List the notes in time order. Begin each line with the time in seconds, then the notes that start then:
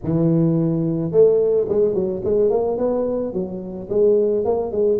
0.03 E3
1.11 A3
1.68 G#3
1.94 F#3
2.24 G#3
2.50 A#3
2.77 B3
3.33 F#3
3.89 G#3
4.44 A#3
4.71 G#3